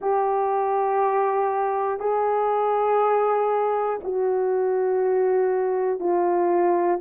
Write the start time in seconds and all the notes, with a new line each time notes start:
0.00 G4
1.99 G#4
4.03 F#4
5.99 F4